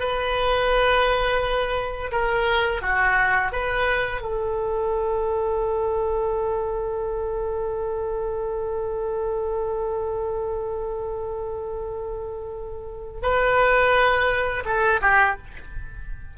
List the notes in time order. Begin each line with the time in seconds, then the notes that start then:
0.00 B4
2.12 A#4
2.82 F#4
3.52 B4
4.22 A4
13.23 B4
14.65 A4
15.02 G4